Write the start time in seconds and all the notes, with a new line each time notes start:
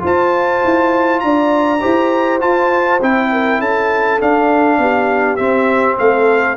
0.00 F4 C5 A5
0.65 E4
1.20 D4 D5 A#5
1.81 E4 G4 C5
2.40 F4 A5
3.01 C4 E4 G5
3.32 A#4
3.59 C#4 A4 A5
4.21 D4 F5
4.78 B3 G4
5.36 C4 E5
5.98 A3 A4 F5